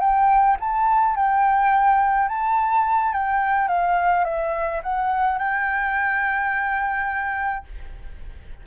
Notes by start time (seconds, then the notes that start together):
0.00 G5
0.60 A5
1.16 G5
2.28 A5
3.13 G5
3.68 F5
4.25 E5
4.83 F#5
5.39 G5